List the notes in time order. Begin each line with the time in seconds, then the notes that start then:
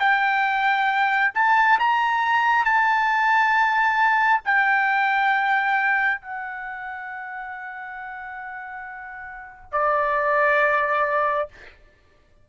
0.00 G5
1.35 A5
1.80 A#5
2.65 A5
4.45 G5
6.22 F#5
9.72 D5